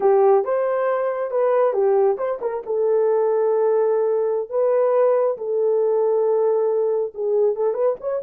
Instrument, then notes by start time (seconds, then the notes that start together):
horn
0.00 G4
0.44 C5
1.31 B4
1.73 G4
2.17 C5
2.41 A#4
2.66 A4
4.49 B4
5.37 A4
7.14 G#4
7.55 A4
7.73 B4
8.00 C#5